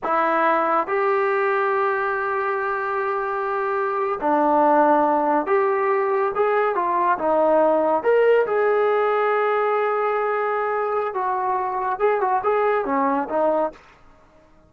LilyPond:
\new Staff \with { instrumentName = "trombone" } { \time 4/4 \tempo 4 = 140 e'2 g'2~ | g'1~ | g'4.~ g'16 d'2~ d'16~ | d'8. g'2 gis'4 f'16~ |
f'8. dis'2 ais'4 gis'16~ | gis'1~ | gis'2 fis'2 | gis'8 fis'8 gis'4 cis'4 dis'4 | }